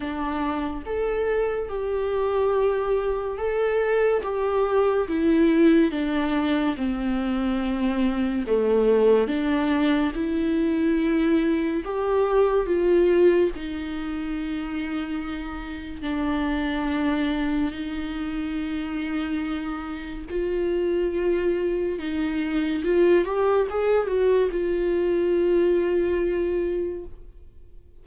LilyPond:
\new Staff \with { instrumentName = "viola" } { \time 4/4 \tempo 4 = 71 d'4 a'4 g'2 | a'4 g'4 e'4 d'4 | c'2 a4 d'4 | e'2 g'4 f'4 |
dis'2. d'4~ | d'4 dis'2. | f'2 dis'4 f'8 g'8 | gis'8 fis'8 f'2. | }